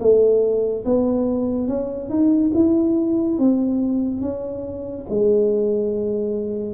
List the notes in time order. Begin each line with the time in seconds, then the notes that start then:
0.00 A3
0.85 B3
1.68 C#4
2.09 D#4
2.54 E4
3.39 C4
4.21 C#4
5.10 G#3